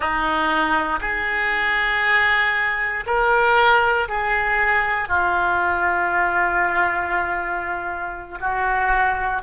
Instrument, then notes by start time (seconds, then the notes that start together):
oboe
0.00 D#4
1.00 G#4
3.06 A#4
4.08 G#4
5.08 F4
8.40 F#4